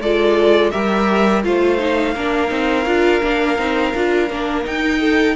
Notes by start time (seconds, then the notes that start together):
0.00 G#3 F4 A4 D5
0.70 G3 G4 A#4 E5
1.43 A3 F4 C5 F5
1.78 D#4
2.14 A#3 D4 A#4
2.47 C4 D#4
2.86 D4 F4
3.21 A#3 D4
3.58 C4 D#4
3.94 D4 F4
4.30 A#3 D4
4.63 D#4 G5
4.99 A4